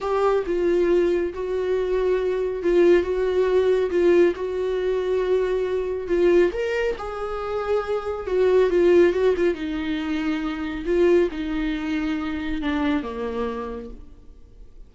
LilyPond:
\new Staff \with { instrumentName = "viola" } { \time 4/4 \tempo 4 = 138 g'4 f'2 fis'4~ | fis'2 f'4 fis'4~ | fis'4 f'4 fis'2~ | fis'2 f'4 ais'4 |
gis'2. fis'4 | f'4 fis'8 f'8 dis'2~ | dis'4 f'4 dis'2~ | dis'4 d'4 ais2 | }